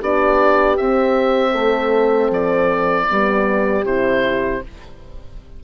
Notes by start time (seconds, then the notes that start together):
0.00 B3 D4 G4 D5
0.78 C4 E5
1.52 A3 A4
2.30 F3 D5
3.10 G3 B3 G4
3.85 C3 E4 C5